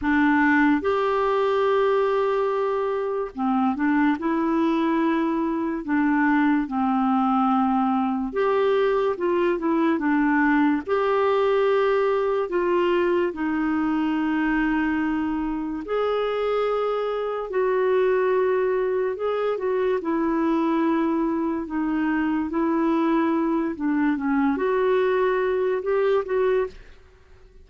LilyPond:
\new Staff \with { instrumentName = "clarinet" } { \time 4/4 \tempo 4 = 72 d'4 g'2. | c'8 d'8 e'2 d'4 | c'2 g'4 f'8 e'8 | d'4 g'2 f'4 |
dis'2. gis'4~ | gis'4 fis'2 gis'8 fis'8 | e'2 dis'4 e'4~ | e'8 d'8 cis'8 fis'4. g'8 fis'8 | }